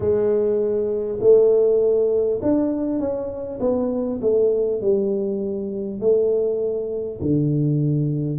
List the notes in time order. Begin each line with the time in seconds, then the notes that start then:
0.00 G#3
1.20 A3
2.42 D4
2.99 C#4
3.59 B3
4.21 A3
4.81 G3
5.99 A3
7.20 D3